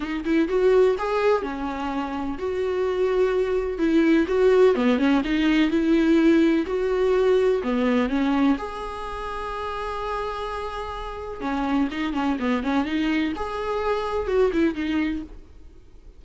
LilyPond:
\new Staff \with { instrumentName = "viola" } { \time 4/4 \tempo 4 = 126 dis'8 e'8 fis'4 gis'4 cis'4~ | cis'4 fis'2. | e'4 fis'4 b8 cis'8 dis'4 | e'2 fis'2 |
b4 cis'4 gis'2~ | gis'1 | cis'4 dis'8 cis'8 b8 cis'8 dis'4 | gis'2 fis'8 e'8 dis'4 | }